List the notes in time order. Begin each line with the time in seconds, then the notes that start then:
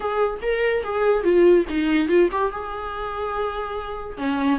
0.00 G#4
0.42 A#4
0.83 G#4
1.23 F4
1.69 D#4
2.08 F4
2.31 G4
2.51 G#4
4.17 C#4